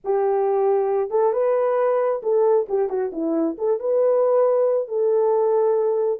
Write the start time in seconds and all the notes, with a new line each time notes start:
0.04 G4
1.10 A4
1.32 B4
2.22 A4
2.68 G4
2.89 F#4
3.12 E4
3.58 A4
3.79 B4
4.88 A4